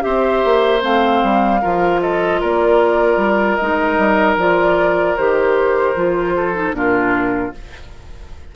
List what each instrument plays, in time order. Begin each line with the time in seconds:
0.00 bassoon C4, clarinet G4, oboe C5, flute E5
0.44 bassoon A#3
0.80 bassoon A3, clarinet C4, flute F5
1.22 bassoon G3
1.61 bassoon F3, clarinet F4, oboe A#4
2.01 oboe A4, flute D#5
2.40 bassoon A#3, oboe A#4, flute D5
3.16 bassoon G3
3.55 bassoon G#3, clarinet D#4, flute D#5
3.97 bassoon G3
4.36 bassoon F3, clarinet F4, flute D5
5.16 bassoon D#3, clarinet G4, flute C5
5.95 bassoon F3, clarinet F4
6.36 oboe A4
6.53 clarinet D#4
6.72 bassoon A#2, clarinet D4, oboe F4, flute A#4